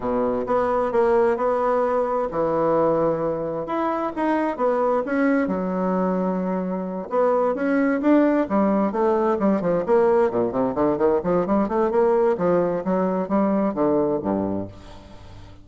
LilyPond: \new Staff \with { instrumentName = "bassoon" } { \time 4/4 \tempo 4 = 131 b,4 b4 ais4 b4~ | b4 e2. | e'4 dis'4 b4 cis'4 | fis2.~ fis8 b8~ |
b8 cis'4 d'4 g4 a8~ | a8 g8 f8 ais4 ais,8 c8 d8 | dis8 f8 g8 a8 ais4 f4 | fis4 g4 d4 g,4 | }